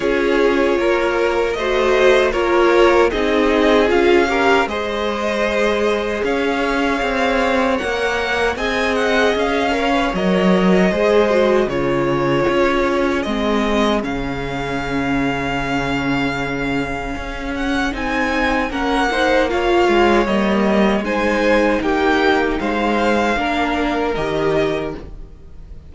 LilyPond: <<
  \new Staff \with { instrumentName = "violin" } { \time 4/4 \tempo 4 = 77 cis''2 dis''4 cis''4 | dis''4 f''4 dis''2 | f''2 fis''4 gis''8 fis''8 | f''4 dis''2 cis''4~ |
cis''4 dis''4 f''2~ | f''2~ f''8 fis''8 gis''4 | fis''4 f''4 dis''4 gis''4 | g''4 f''2 dis''4 | }
  \new Staff \with { instrumentName = "violin" } { \time 4/4 gis'4 ais'4 c''4 ais'4 | gis'4. ais'8 c''2 | cis''2. dis''4~ | dis''8 cis''4. c''4 gis'4~ |
gis'1~ | gis'1 | ais'8 c''8 cis''2 c''4 | g'4 c''4 ais'2 | }
  \new Staff \with { instrumentName = "viola" } { \time 4/4 f'2 fis'4 f'4 | dis'4 f'8 g'8 gis'2~ | gis'2 ais'4 gis'4~ | gis'8 ais'16 b'16 ais'4 gis'8 fis'8 f'4~ |
f'4 c'4 cis'2~ | cis'2. dis'4 | cis'8 dis'8 f'4 ais4 dis'4~ | dis'2 d'4 g'4 | }
  \new Staff \with { instrumentName = "cello" } { \time 4/4 cis'4 ais4 a4 ais4 | c'4 cis'4 gis2 | cis'4 c'4 ais4 c'4 | cis'4 fis4 gis4 cis4 |
cis'4 gis4 cis2~ | cis2 cis'4 c'4 | ais4. gis8 g4 gis4 | ais4 gis4 ais4 dis4 | }
>>